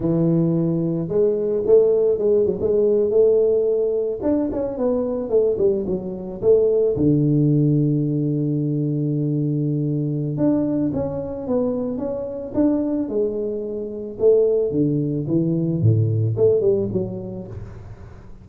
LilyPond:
\new Staff \with { instrumentName = "tuba" } { \time 4/4 \tempo 4 = 110 e2 gis4 a4 | gis8 fis16 gis4 a2 d'16~ | d'16 cis'8 b4 a8 g8 fis4 a16~ | a8. d2.~ d16~ |
d2. d'4 | cis'4 b4 cis'4 d'4 | gis2 a4 d4 | e4 a,4 a8 g8 fis4 | }